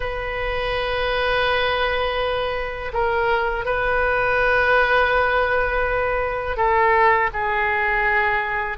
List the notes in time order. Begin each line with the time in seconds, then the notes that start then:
0.00 B4
2.93 A#4
3.65 B4
6.56 A4
7.33 G#4